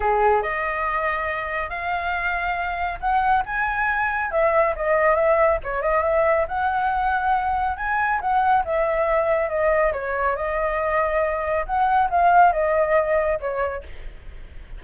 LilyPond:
\new Staff \with { instrumentName = "flute" } { \time 4/4 \tempo 4 = 139 gis'4 dis''2. | f''2. fis''4 | gis''2 e''4 dis''4 | e''4 cis''8 dis''8 e''4 fis''4~ |
fis''2 gis''4 fis''4 | e''2 dis''4 cis''4 | dis''2. fis''4 | f''4 dis''2 cis''4 | }